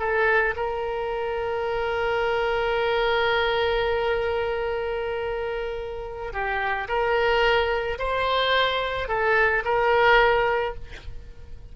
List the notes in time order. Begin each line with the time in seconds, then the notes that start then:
0.00 A4
0.57 A#4
6.33 G4
6.89 A#4
7.99 C5
9.09 A4
9.65 A#4